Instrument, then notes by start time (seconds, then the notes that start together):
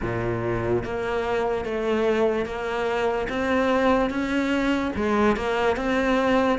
cello
0.01 A#2
0.84 A#3
1.64 A3
2.45 A#3
3.29 C4
4.09 C#4
4.95 G#3
5.36 A#3
5.76 C4